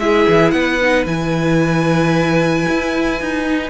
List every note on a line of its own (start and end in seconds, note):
0.00 0.27 G#3
0.00 0.81 E4
0.00 0.55 G#4
0.00 0.52 E5
0.28 0.53 E3
0.52 1.06 B3
0.52 3.70 B4
0.52 1.05 F#5
0.81 1.07 D#4
1.07 2.66 E3
1.07 3.45 E4
1.07 3.70 G#5
2.69 3.21 E4
3.21 3.70 D#4
3.45 3.70 D#4